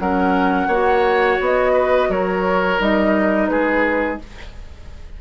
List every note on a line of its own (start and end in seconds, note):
0.00 0.68 F#3
0.00 0.71 C#4
0.00 0.68 A#4
0.00 1.40 F#5
0.68 1.37 A#3
0.68 2.80 F#4
0.68 1.73 C#5
1.41 2.09 B3
1.41 2.11 D#5
1.74 2.08 B4
2.09 2.79 F#3
2.09 3.50 A#4
2.09 2.81 C#5
2.79 3.49 G3
2.79 4.19 D#4
2.79 3.48 D#5
3.48 4.19 G#3
3.48 4.21 G#4
3.48 4.18 B4